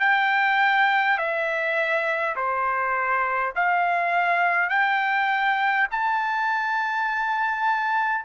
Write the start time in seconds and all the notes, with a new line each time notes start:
0.00 G5
1.18 E5
2.36 C5
3.56 F5
4.70 G5
5.91 A5